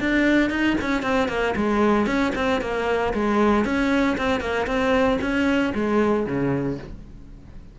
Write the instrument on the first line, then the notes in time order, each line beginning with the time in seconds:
cello
0.00 D4
0.50 D#4
0.81 C#4
1.02 C4
1.28 A#3
1.56 G#3
2.06 C#4
2.35 C4
2.61 A#3
3.13 G#3
3.65 C#4
4.17 C4
4.40 A#3
4.67 C4
5.21 C#4
5.74 G#3
6.26 C#3